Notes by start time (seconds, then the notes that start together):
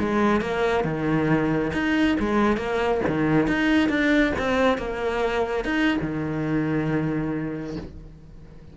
0.00 G#3
0.42 A#3
0.85 D#3
1.73 D#4
2.20 G#3
2.58 A#3
3.08 D#3
3.48 D#4
3.89 D4
4.39 C4
4.78 A#3
5.65 D#4
6.02 D#3